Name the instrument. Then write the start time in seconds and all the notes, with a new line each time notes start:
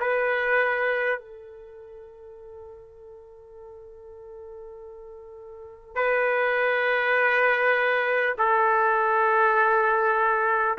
trumpet
0.00 B4
1.19 A4
5.95 B4
8.38 A4